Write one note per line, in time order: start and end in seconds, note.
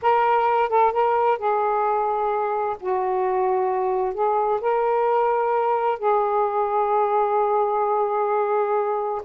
0.02 0.69 A#4
0.69 0.92 A4
0.92 1.38 A#4
1.38 2.77 G#4
2.79 4.14 F#4
4.14 4.60 G#4
4.60 5.99 A#4
5.99 9.22 G#4